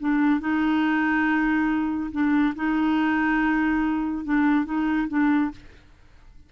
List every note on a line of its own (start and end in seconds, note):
0.00 0.41 D4
0.41 2.11 D#4
2.12 2.54 D4
2.56 4.25 D#4
4.25 4.65 D4
4.65 5.08 D#4
5.09 5.51 D4